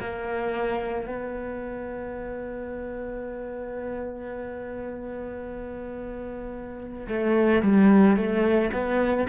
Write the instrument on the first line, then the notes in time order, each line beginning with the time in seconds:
cello
0.00 A#3
1.07 B3
7.08 A3
7.62 G3
8.16 A3
8.73 B3